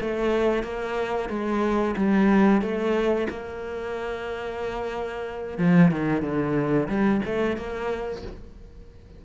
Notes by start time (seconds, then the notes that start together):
0.00 A3
0.63 A#3
1.29 G#3
1.96 G3
2.61 A3
3.29 A#3
5.58 F3
5.91 D#3
6.22 D3
6.88 G3
7.25 A3
7.56 A#3